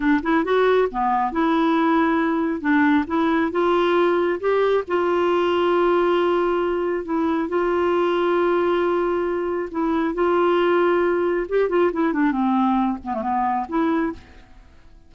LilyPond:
\new Staff \with { instrumentName = "clarinet" } { \time 4/4 \tempo 4 = 136 d'8 e'8 fis'4 b4 e'4~ | e'2 d'4 e'4 | f'2 g'4 f'4~ | f'1 |
e'4 f'2.~ | f'2 e'4 f'4~ | f'2 g'8 f'8 e'8 d'8 | c'4. b16 a16 b4 e'4 | }